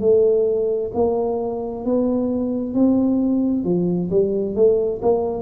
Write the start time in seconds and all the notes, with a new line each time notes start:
0.00 A3
0.94 A#3
1.85 B3
2.74 C4
3.64 F3
4.10 G3
4.55 A3
5.02 A#3